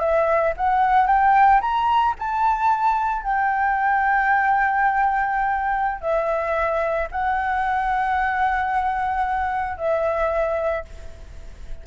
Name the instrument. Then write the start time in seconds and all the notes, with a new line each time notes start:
flute
0.00 E5
0.57 F#5
1.07 G5
1.61 A#5
2.19 A5
3.23 G5
6.01 E5
7.12 F#5
9.77 E5